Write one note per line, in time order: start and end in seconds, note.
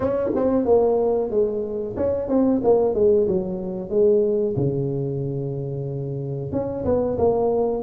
0.00 0.30 C#4
0.35 0.65 C4
0.65 1.30 A#3
1.30 1.95 G#3
1.96 2.28 C#4
2.28 2.61 C4
2.63 2.94 A#3
2.94 3.27 G#3
3.27 3.89 F#3
3.89 4.54 G#3
4.56 6.52 C#3
6.52 6.84 C#4
6.84 7.17 B3
7.17 7.83 A#3